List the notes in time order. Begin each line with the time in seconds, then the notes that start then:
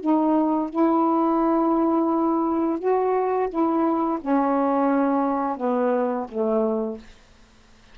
0.00 D#4
0.69 E4
2.79 F#4
3.49 E4
4.21 C#4
5.57 B3
6.28 A3